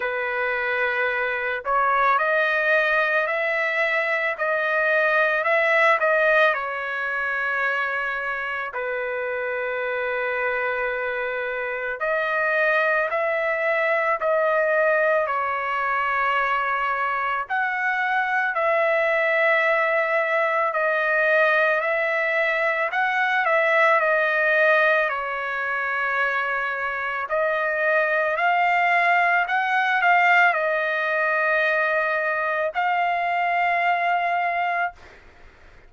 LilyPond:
\new Staff \with { instrumentName = "trumpet" } { \time 4/4 \tempo 4 = 55 b'4. cis''8 dis''4 e''4 | dis''4 e''8 dis''8 cis''2 | b'2. dis''4 | e''4 dis''4 cis''2 |
fis''4 e''2 dis''4 | e''4 fis''8 e''8 dis''4 cis''4~ | cis''4 dis''4 f''4 fis''8 f''8 | dis''2 f''2 | }